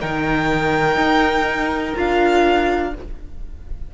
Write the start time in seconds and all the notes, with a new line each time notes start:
0.00 D#3 D#4 A#4 G5
0.96 D#4
1.95 D4 F4 F5